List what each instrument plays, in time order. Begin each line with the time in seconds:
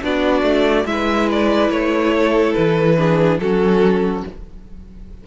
0.00 cello B3, violin D4 D5, viola F#4
0.42 cello A3
0.85 cello G#3, viola E4, violin B4 E5
1.31 violin D5
1.70 cello A3, violin C#5
2.15 violin A4
2.53 cello E3, violin B4
2.97 viola D4, violin G#4
3.39 cello F#3, viola C#4, violin F#4 A4